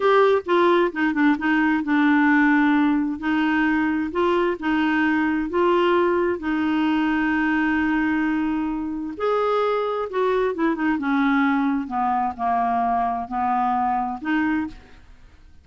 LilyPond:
\new Staff \with { instrumentName = "clarinet" } { \time 4/4 \tempo 4 = 131 g'4 f'4 dis'8 d'8 dis'4 | d'2. dis'4~ | dis'4 f'4 dis'2 | f'2 dis'2~ |
dis'1 | gis'2 fis'4 e'8 dis'8 | cis'2 b4 ais4~ | ais4 b2 dis'4 | }